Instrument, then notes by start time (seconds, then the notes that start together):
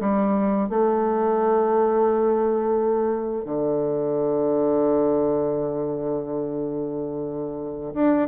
bassoon
0.00 G3
0.69 A3
3.45 D3
7.94 D4